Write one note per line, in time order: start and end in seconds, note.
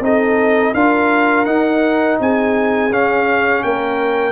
0.00 0.72 C4
0.00 0.75 D#4
0.00 0.74 A4
0.00 0.74 D#5
0.74 1.46 D4
0.74 1.46 F4
0.74 2.19 A#4
0.74 1.45 F5
1.45 2.90 D#4
1.45 2.18 D#4
1.45 2.17 F#5
2.20 2.90 C4
2.20 3.64 G#4
2.20 2.93 G#5
2.90 3.63 C#4
2.90 4.32 C#4
2.90 3.63 F5
3.63 4.32 A#3
3.63 4.32 A#4
3.63 4.32 G5